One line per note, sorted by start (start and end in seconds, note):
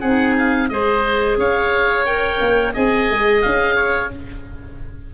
0.00 0.71 C4
0.00 0.70 D#4
0.00 0.68 G#4
0.00 0.35 F#5
0.38 0.69 F5
0.69 1.37 G#3
0.69 2.06 G#4
0.69 1.39 C5
0.69 1.37 D#5
1.37 2.40 C#4
1.37 2.74 C#5
1.37 2.06 F5
2.06 2.74 A#4
2.06 2.74 G5
2.41 2.75 A#3
2.74 3.10 C4
2.74 4.11 G#4
2.74 3.76 D#5
2.74 3.42 G#5
3.10 3.44 G#3
3.42 4.14 C#4
3.42 4.10 F5
3.76 4.10 C#5